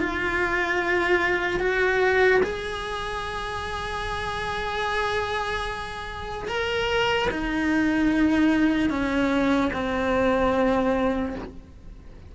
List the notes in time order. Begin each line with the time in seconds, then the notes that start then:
0.00 F4
1.60 F#4
2.43 G#4
6.48 A#4
7.30 D#4
8.90 C#4
9.73 C4